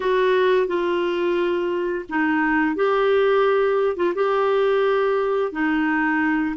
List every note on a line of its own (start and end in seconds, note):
0.00 0.67 F#4
0.67 2.05 F4
2.09 2.75 D#4
2.75 3.96 G4
3.96 4.13 F4
4.14 5.52 G4
5.52 6.55 D#4